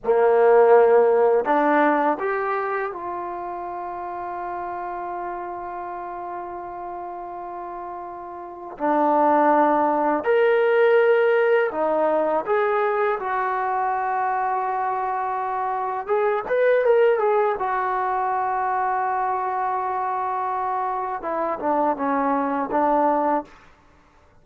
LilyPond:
\new Staff \with { instrumentName = "trombone" } { \time 4/4 \tempo 4 = 82 ais2 d'4 g'4 | f'1~ | f'1 | d'2 ais'2 |
dis'4 gis'4 fis'2~ | fis'2 gis'8 b'8 ais'8 gis'8 | fis'1~ | fis'4 e'8 d'8 cis'4 d'4 | }